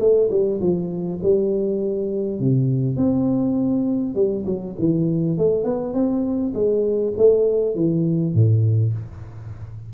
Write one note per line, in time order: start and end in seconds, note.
0.00 0.30 A3
0.31 0.60 G3
0.61 1.20 F3
1.23 2.40 G3
2.40 2.97 C3
2.97 4.15 C4
4.15 4.45 G3
4.46 4.76 F#3
4.79 5.38 E3
5.38 5.64 A3
5.64 5.94 B3
5.94 6.53 C4
6.54 7.14 G#3
7.17 7.75 A3
7.75 8.34 E3
8.34 8.94 A2